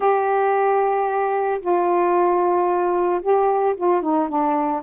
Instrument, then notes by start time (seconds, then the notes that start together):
saxophone
0.00 G4
1.60 F4
3.21 G4
3.76 F4
4.02 D#4
4.29 D4